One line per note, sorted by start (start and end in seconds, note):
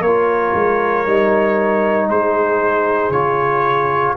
0.00 0.52 A#3
0.00 2.08 A#4
0.00 2.08 C#5
0.06 1.06 F4
0.54 1.06 G#3
1.06 2.08 G3
1.06 3.12 D#4
2.08 3.10 G#3
2.08 4.17 G#4
2.08 3.11 C5
3.10 4.13 C#3
3.10 4.16 F4
3.10 4.15 C#5